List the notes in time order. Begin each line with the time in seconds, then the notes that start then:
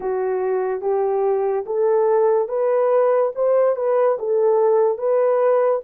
0.00 F#4
0.81 G4
1.66 A4
2.48 B4
3.35 C5
3.76 B4
4.19 A4
4.98 B4